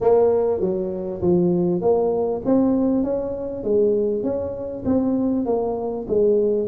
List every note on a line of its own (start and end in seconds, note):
0.01 0.60 A#3
0.60 1.21 F#3
1.21 1.81 F3
1.81 2.41 A#3
2.45 3.03 C4
3.03 3.63 C#4
3.63 4.23 G#3
4.23 4.83 C#4
4.85 5.45 C4
5.45 6.06 A#3
6.08 6.68 G#3